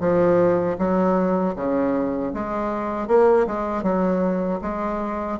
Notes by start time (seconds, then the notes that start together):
0.00 F3
0.78 F#3
1.55 C#3
2.34 G#3
3.08 A#3
3.47 G#3
3.83 F#3
4.62 G#3